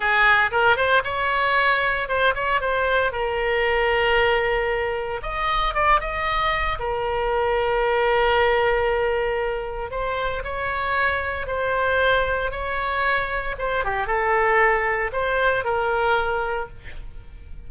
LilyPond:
\new Staff \with { instrumentName = "oboe" } { \time 4/4 \tempo 4 = 115 gis'4 ais'8 c''8 cis''2 | c''8 cis''8 c''4 ais'2~ | ais'2 dis''4 d''8 dis''8~ | dis''4 ais'2.~ |
ais'2. c''4 | cis''2 c''2 | cis''2 c''8 g'8 a'4~ | a'4 c''4 ais'2 | }